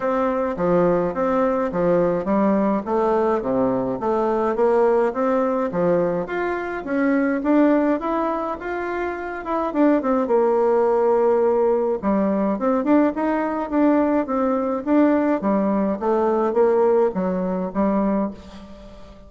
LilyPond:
\new Staff \with { instrumentName = "bassoon" } { \time 4/4 \tempo 4 = 105 c'4 f4 c'4 f4 | g4 a4 c4 a4 | ais4 c'4 f4 f'4 | cis'4 d'4 e'4 f'4~ |
f'8 e'8 d'8 c'8 ais2~ | ais4 g4 c'8 d'8 dis'4 | d'4 c'4 d'4 g4 | a4 ais4 fis4 g4 | }